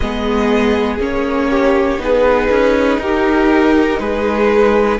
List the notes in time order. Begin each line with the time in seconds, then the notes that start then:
0.00 G#3 B3 G#4 D#5
0.99 A#3 C#4 C#5
1.49 G4
1.98 B3 D#4 G#4 B4
2.50 C#4
2.98 D#4 G4 A#4
3.99 G#3 G#4 B4